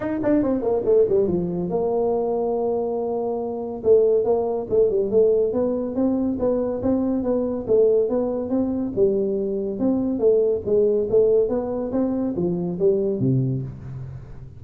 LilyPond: \new Staff \with { instrumentName = "tuba" } { \time 4/4 \tempo 4 = 141 dis'8 d'8 c'8 ais8 a8 g8 f4 | ais1~ | ais4 a4 ais4 a8 g8 | a4 b4 c'4 b4 |
c'4 b4 a4 b4 | c'4 g2 c'4 | a4 gis4 a4 b4 | c'4 f4 g4 c4 | }